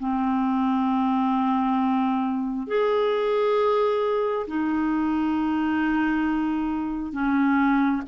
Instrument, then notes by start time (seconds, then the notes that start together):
clarinet
0.00 C4
2.68 G#4
4.48 D#4
7.13 C#4